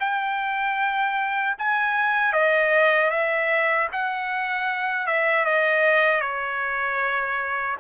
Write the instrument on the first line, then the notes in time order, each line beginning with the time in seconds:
trumpet
0.00 G5
1.59 G#5
2.33 D#5
3.11 E5
3.93 F#5
5.07 E5
5.45 D#5
6.21 C#5